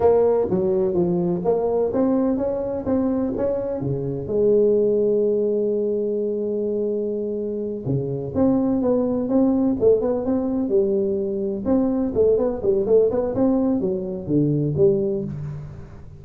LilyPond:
\new Staff \with { instrumentName = "tuba" } { \time 4/4 \tempo 4 = 126 ais4 fis4 f4 ais4 | c'4 cis'4 c'4 cis'4 | cis4 gis2.~ | gis1~ |
gis8 cis4 c'4 b4 c'8~ | c'8 a8 b8 c'4 g4.~ | g8 c'4 a8 b8 g8 a8 b8 | c'4 fis4 d4 g4 | }